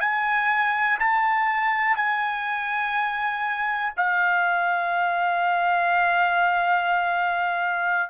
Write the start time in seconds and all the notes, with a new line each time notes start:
0.00 G#5
0.99 A5
1.96 G#5
3.97 F5